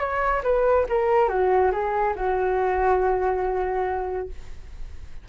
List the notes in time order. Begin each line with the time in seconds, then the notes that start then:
0.00 C#5
0.44 B4
0.89 A#4
1.29 F#4
1.72 G#4
2.16 F#4